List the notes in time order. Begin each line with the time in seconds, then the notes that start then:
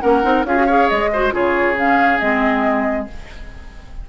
0.00 A#3 C#4 A#4 F#5
0.22 C4 D#4
0.44 C#4 F4 G#4 F5
0.56 F#4
0.66 G#4 C#5
0.89 G#3 D#5
1.12 F#4 C5
1.31 C#3 F4 G#4 C#5
1.77 C#4 F5
2.19 G#3 C4 D#5